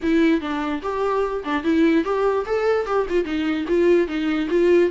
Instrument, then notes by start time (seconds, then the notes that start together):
viola
0.02 E4
0.41 D4
0.82 G4
1.44 D4
1.63 E4
2.04 G4
2.46 A4
2.86 G4
3.09 F4
3.24 D#4
3.68 F4
4.07 D#4
4.50 F4